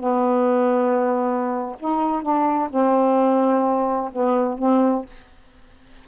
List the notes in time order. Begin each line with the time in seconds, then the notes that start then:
0.00 B3
1.80 D#4
2.22 D4
2.70 C4
4.12 B3
4.59 C4